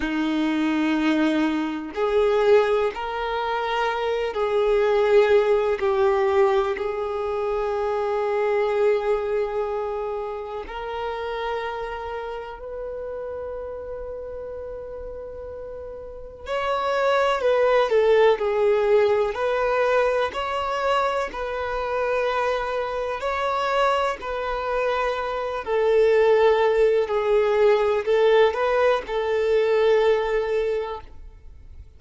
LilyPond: \new Staff \with { instrumentName = "violin" } { \time 4/4 \tempo 4 = 62 dis'2 gis'4 ais'4~ | ais'8 gis'4. g'4 gis'4~ | gis'2. ais'4~ | ais'4 b'2.~ |
b'4 cis''4 b'8 a'8 gis'4 | b'4 cis''4 b'2 | cis''4 b'4. a'4. | gis'4 a'8 b'8 a'2 | }